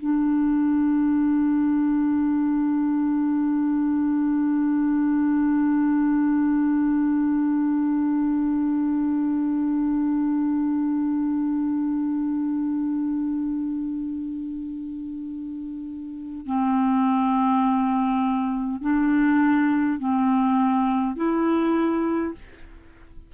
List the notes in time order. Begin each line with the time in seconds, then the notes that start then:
0.00 D4
16.46 C4
18.81 D4
19.99 C4
21.16 E4